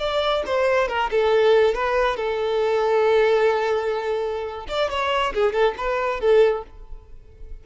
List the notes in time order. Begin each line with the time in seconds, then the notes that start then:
0.00 D5
0.46 C5
0.89 A#4
1.11 A4
1.75 B4
2.17 A4
4.69 D5
4.90 C#5
5.34 G#4
5.53 A4
5.78 B4
6.21 A4